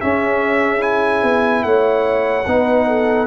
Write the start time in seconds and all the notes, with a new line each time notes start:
0.00 C#4 G#4 E5
0.78 E4 G#5
1.23 B3
1.63 A3 C#5 F#5
2.46 B3 D#4 B4
2.87 A4